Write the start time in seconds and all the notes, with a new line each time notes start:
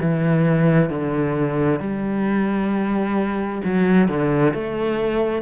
0.00 E3
0.89 D3
1.79 G3
3.64 F#3
4.08 D3
4.53 A3